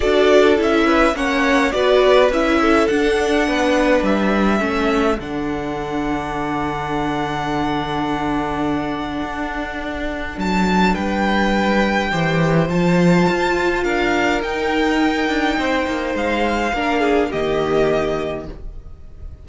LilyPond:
<<
  \new Staff \with { instrumentName = "violin" } { \time 4/4 \tempo 4 = 104 d''4 e''4 fis''4 d''4 | e''4 fis''2 e''4~ | e''4 fis''2.~ | fis''1~ |
fis''2 a''4 g''4~ | g''2 a''2 | f''4 g''2. | f''2 dis''2 | }
  \new Staff \with { instrumentName = "violin" } { \time 4/4 a'4. b'8 cis''4 b'4~ | b'8 a'4. b'2 | a'1~ | a'1~ |
a'2. b'4~ | b'4 c''2. | ais'2. c''4~ | c''4 ais'8 gis'8 g'2 | }
  \new Staff \with { instrumentName = "viola" } { \time 4/4 fis'4 e'4 cis'4 fis'4 | e'4 d'2. | cis'4 d'2.~ | d'1~ |
d'1~ | d'4 g'4 f'2~ | f'4 dis'2.~ | dis'4 d'4 ais2 | }
  \new Staff \with { instrumentName = "cello" } { \time 4/4 d'4 cis'4 ais4 b4 | cis'4 d'4 b4 g4 | a4 d2.~ | d1 |
d'2 fis4 g4~ | g4 e4 f4 f'4 | d'4 dis'4. d'8 c'8 ais8 | gis4 ais4 dis2 | }
>>